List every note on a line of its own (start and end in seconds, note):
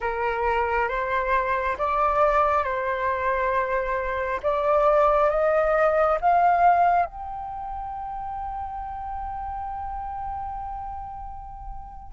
0.00 0.88 A#4
0.88 1.76 C5
1.78 2.64 D5
2.64 4.40 C5
4.42 5.29 D5
5.29 6.18 D#5
6.20 7.05 F5
7.05 12.12 G5